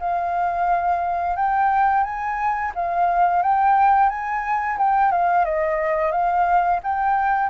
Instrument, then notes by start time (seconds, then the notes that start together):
flute
0.00 F5
1.36 G5
2.04 G#5
2.75 F5
3.42 G5
4.10 G#5
4.78 G5
5.12 F5
5.45 D#5
6.12 F5
6.83 G5